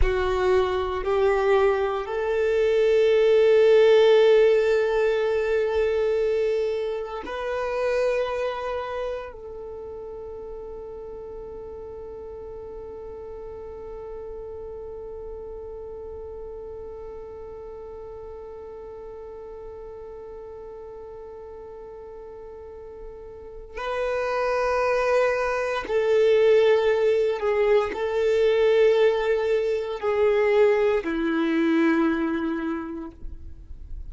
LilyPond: \new Staff \with { instrumentName = "violin" } { \time 4/4 \tempo 4 = 58 fis'4 g'4 a'2~ | a'2. b'4~ | b'4 a'2.~ | a'1~ |
a'1~ | a'2. b'4~ | b'4 a'4. gis'8 a'4~ | a'4 gis'4 e'2 | }